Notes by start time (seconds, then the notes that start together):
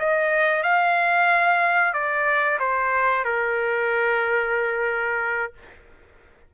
0.00 D#5
0.63 F5
1.94 D5
2.60 C5
3.25 A#4